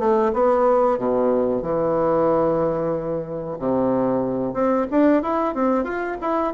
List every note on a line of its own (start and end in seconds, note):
0.00 0.33 A3
0.33 0.98 B3
0.98 1.62 B2
1.62 3.58 E3
3.59 4.54 C3
4.54 4.87 C4
4.91 5.23 D4
5.23 5.55 E4
5.55 5.85 C4
5.85 6.17 F4
6.22 6.54 E4